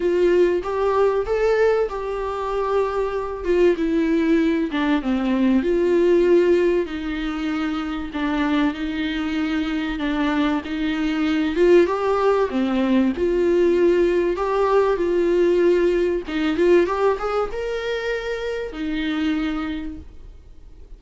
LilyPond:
\new Staff \with { instrumentName = "viola" } { \time 4/4 \tempo 4 = 96 f'4 g'4 a'4 g'4~ | g'4. f'8 e'4. d'8 | c'4 f'2 dis'4~ | dis'4 d'4 dis'2 |
d'4 dis'4. f'8 g'4 | c'4 f'2 g'4 | f'2 dis'8 f'8 g'8 gis'8 | ais'2 dis'2 | }